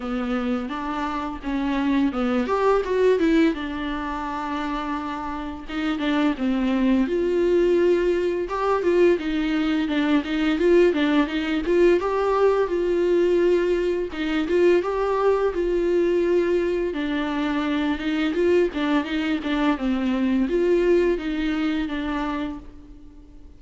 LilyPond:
\new Staff \with { instrumentName = "viola" } { \time 4/4 \tempo 4 = 85 b4 d'4 cis'4 b8 g'8 | fis'8 e'8 d'2. | dis'8 d'8 c'4 f'2 | g'8 f'8 dis'4 d'8 dis'8 f'8 d'8 |
dis'8 f'8 g'4 f'2 | dis'8 f'8 g'4 f'2 | d'4. dis'8 f'8 d'8 dis'8 d'8 | c'4 f'4 dis'4 d'4 | }